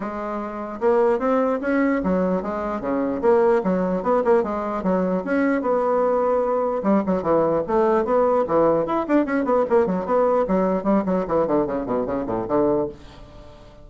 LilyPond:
\new Staff \with { instrumentName = "bassoon" } { \time 4/4 \tempo 4 = 149 gis2 ais4 c'4 | cis'4 fis4 gis4 cis4 | ais4 fis4 b8 ais8 gis4 | fis4 cis'4 b2~ |
b4 g8 fis8 e4 a4 | b4 e4 e'8 d'8 cis'8 b8 | ais8 fis8 b4 fis4 g8 fis8 | e8 d8 cis8 b,8 cis8 a,8 d4 | }